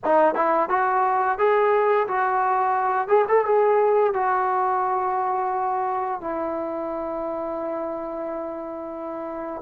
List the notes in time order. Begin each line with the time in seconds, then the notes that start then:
0.04 D#4
0.34 E4
0.69 F#4
1.38 G#4
2.07 F#4
3.08 G#4
3.28 A4
3.45 G#4
4.13 F#4
6.20 E4